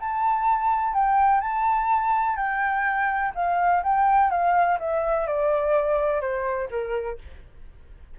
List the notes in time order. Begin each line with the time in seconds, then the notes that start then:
0.00 A5
0.93 G5
1.41 A5
2.36 G5
3.35 F5
3.83 G5
4.30 F5
4.79 E5
5.26 D5
6.21 C5
6.70 A#4